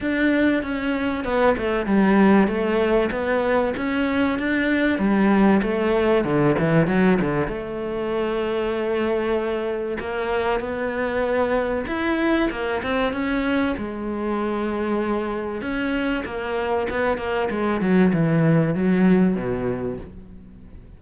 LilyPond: \new Staff \with { instrumentName = "cello" } { \time 4/4 \tempo 4 = 96 d'4 cis'4 b8 a8 g4 | a4 b4 cis'4 d'4 | g4 a4 d8 e8 fis8 d8 | a1 |
ais4 b2 e'4 | ais8 c'8 cis'4 gis2~ | gis4 cis'4 ais4 b8 ais8 | gis8 fis8 e4 fis4 b,4 | }